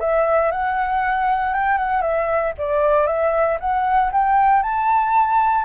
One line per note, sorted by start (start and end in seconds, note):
0.00 0.51 E5
0.51 1.54 F#5
1.54 1.78 G5
1.78 2.01 F#5
2.01 2.52 E5
2.58 3.07 D5
3.07 3.58 E5
3.60 4.11 F#5
4.12 4.63 G5
4.63 5.65 A5